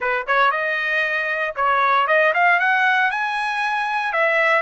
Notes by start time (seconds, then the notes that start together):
0.00 B4
0.26 C#5
0.51 D#5
1.55 C#5
2.07 D#5
2.33 F5
2.59 F#5
3.10 G#5
4.12 E5